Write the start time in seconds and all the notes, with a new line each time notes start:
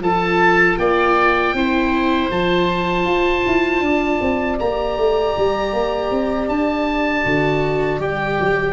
0.00 F3 F4 A4 A5
0.78 A#3 D5 G5
1.53 C4 E4 C5
2.30 F3 F4 A5
3.05 F4
3.46 E4
3.80 D4 D5
4.21 C4
4.59 A#3 G4 A#5
4.97 A3
5.37 G3
5.73 A#3
6.11 C4
6.48 D4 A5
7.24 D3 F#4
8.00 G3 G4 G5
8.39 F#3